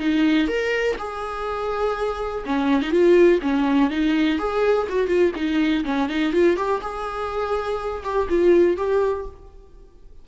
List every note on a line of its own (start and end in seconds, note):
0.00 0.48 D#4
0.48 0.97 A#4
0.98 2.45 G#4
2.46 2.82 C#4
2.82 2.91 D#4
2.91 3.40 F4
3.42 3.91 C#4
3.91 4.39 D#4
4.39 4.88 G#4
4.89 5.08 F#4
5.08 5.32 F4
5.36 5.85 D#4
5.85 6.09 C#4
6.10 6.33 D#4
6.33 6.57 F4
6.57 6.81 G4
6.82 8.04 G#4
8.04 8.28 G4
8.29 8.77 F4
8.77 9.26 G4